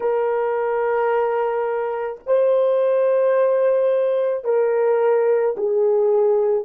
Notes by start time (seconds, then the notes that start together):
0.00 A#4
2.26 C5
4.44 A#4
5.57 G#4